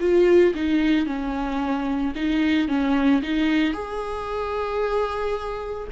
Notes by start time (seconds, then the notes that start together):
0.00 F4
0.54 D#4
1.06 C#4
2.16 D#4
2.68 C#4
3.22 D#4
3.73 G#4